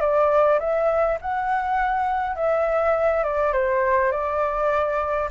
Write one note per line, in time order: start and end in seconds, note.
0.00 0.59 D5
0.59 1.18 E5
1.21 2.35 F#5
2.35 3.23 E5
3.23 3.52 D5
3.52 4.11 C5
4.11 5.29 D5